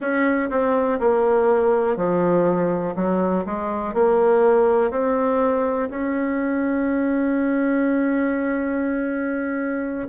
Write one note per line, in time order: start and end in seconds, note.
0.00 0.49 C#4
0.50 0.99 C4
0.99 1.96 A#3
1.96 2.95 F3
2.95 3.44 F#3
3.45 3.93 G#3
3.93 4.90 A#3
4.90 5.89 C4
5.90 10.08 C#4